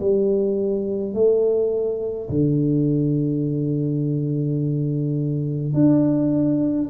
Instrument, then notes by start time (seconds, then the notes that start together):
tuba
0.00 G3
1.14 A3
2.30 D3
5.74 D4